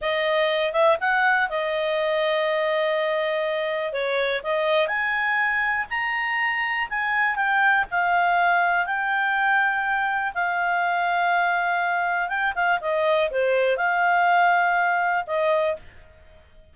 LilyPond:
\new Staff \with { instrumentName = "clarinet" } { \time 4/4 \tempo 4 = 122 dis''4. e''8 fis''4 dis''4~ | dis''1 | cis''4 dis''4 gis''2 | ais''2 gis''4 g''4 |
f''2 g''2~ | g''4 f''2.~ | f''4 g''8 f''8 dis''4 c''4 | f''2. dis''4 | }